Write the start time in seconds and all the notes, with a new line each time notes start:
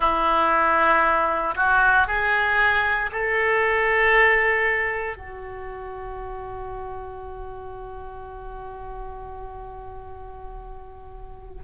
0.00 E4
1.55 F#4
2.07 G#4
3.11 A4
5.16 F#4